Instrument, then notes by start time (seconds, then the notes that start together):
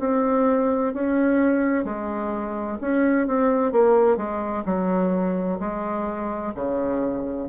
bassoon
0.00 C4
0.94 C#4
1.85 G#3
2.81 C#4
3.27 C4
3.72 A#3
4.17 G#3
4.65 F#3
5.60 G#3
6.55 C#3